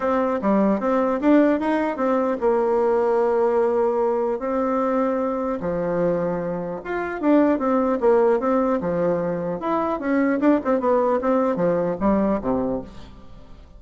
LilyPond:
\new Staff \with { instrumentName = "bassoon" } { \time 4/4 \tempo 4 = 150 c'4 g4 c'4 d'4 | dis'4 c'4 ais2~ | ais2. c'4~ | c'2 f2~ |
f4 f'4 d'4 c'4 | ais4 c'4 f2 | e'4 cis'4 d'8 c'8 b4 | c'4 f4 g4 c4 | }